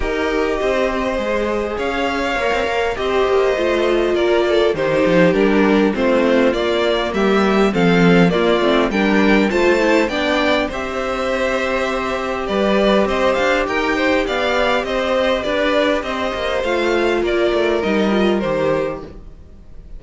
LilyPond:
<<
  \new Staff \with { instrumentName = "violin" } { \time 4/4 \tempo 4 = 101 dis''2. f''4~ | f''4 dis''2 d''4 | c''4 ais'4 c''4 d''4 | e''4 f''4 d''4 g''4 |
a''4 g''4 e''2~ | e''4 d''4 dis''8 f''8 g''4 | f''4 dis''4 d''4 dis''4 | f''4 d''4 dis''4 c''4 | }
  \new Staff \with { instrumentName = "violin" } { \time 4/4 ais'4 c''2 cis''4~ | cis''4 c''2 ais'8 a'8 | g'2 f'2 | g'4 a'4 f'4 ais'4 |
c''4 d''4 c''2~ | c''4 b'4 c''4 ais'8 c''8 | d''4 c''4 b'4 c''4~ | c''4 ais'2. | }
  \new Staff \with { instrumentName = "viola" } { \time 4/4 g'2 gis'2 | ais'4 g'4 f'2 | dis'4 d'4 c'4 ais4~ | ais4 c'4 ais8 c'8 d'4 |
f'8 e'8 d'4 g'2~ | g'1~ | g'1 | f'2 dis'8 f'8 g'4 | }
  \new Staff \with { instrumentName = "cello" } { \time 4/4 dis'4 c'4 gis4 cis'4 | ais16 c'16 ais8 c'8 ais8 a4 ais4 | dis8 f8 g4 a4 ais4 | g4 f4 ais8 a8 g4 |
a4 b4 c'2~ | c'4 g4 c'8 d'8 dis'4 | b4 c'4 d'4 c'8 ais8 | a4 ais8 a8 g4 dis4 | }
>>